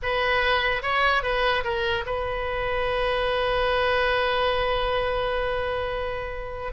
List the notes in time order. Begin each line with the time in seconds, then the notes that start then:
0.02 B4
0.82 C#5
1.22 B4
1.63 A#4
2.06 B4